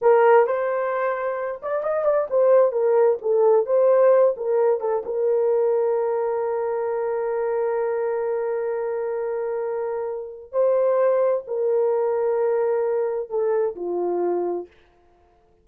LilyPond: \new Staff \with { instrumentName = "horn" } { \time 4/4 \tempo 4 = 131 ais'4 c''2~ c''8 d''8 | dis''8 d''8 c''4 ais'4 a'4 | c''4. ais'4 a'8 ais'4~ | ais'1~ |
ais'1~ | ais'2. c''4~ | c''4 ais'2.~ | ais'4 a'4 f'2 | }